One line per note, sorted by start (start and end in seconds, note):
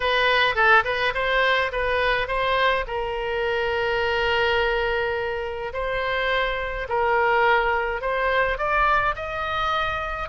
0.00 0.55 B4
0.55 0.83 A4
0.84 1.13 B4
1.14 1.71 C5
1.71 2.27 B4
2.27 2.84 C5
2.87 5.72 A#4
5.73 6.87 C5
6.88 8.01 A#4
8.01 8.57 C5
8.57 9.15 D5
9.15 10.29 D#5